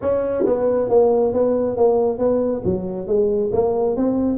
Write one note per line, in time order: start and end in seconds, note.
0.01 0.45 C#4
0.45 0.89 B3
0.89 1.33 A#3
1.33 1.76 B3
1.76 2.18 A#3
2.18 2.62 B3
2.65 3.07 F#3
3.07 3.51 G#3
3.52 3.96 A#3
3.96 4.38 C4